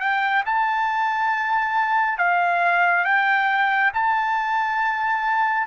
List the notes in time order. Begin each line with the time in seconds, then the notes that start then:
0.00 G5
0.45 A5
2.18 F5
3.05 G5
3.94 A5